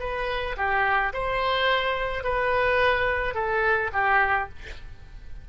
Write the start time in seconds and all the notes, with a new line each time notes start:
0.00 B4
0.57 G4
1.13 C5
2.24 B4
3.35 A4
3.93 G4